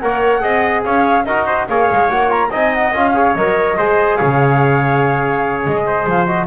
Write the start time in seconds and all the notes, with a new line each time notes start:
0.00 A#3 A#4 C#5 F#5
0.40 C4 G#4 D#5
0.84 C#4 C#5 F5
1.25 D#4 F#4 A#4 D#5
1.46 C5
1.68 A#3 G#4 C#5 F5
1.91 G#3
2.09 A#3 F#4 F#5
2.28 F4 A#5
2.50 C4 D#4 D#5 G#5
2.73 F#5
2.93 C#4 F4 F5
3.14 G#4 C#5
3.35 F#3 A#4 D#5
3.77 G#3 G#4 C5
4.16 C#3 C#5 F5
5.66 G#3 D#5
5.86 C5
6.06 F3 F5
6.26 F#4 D#5